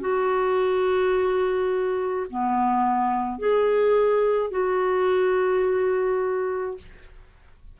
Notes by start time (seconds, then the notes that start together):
0.00 F#4
2.30 B3
3.38 G#4
4.50 F#4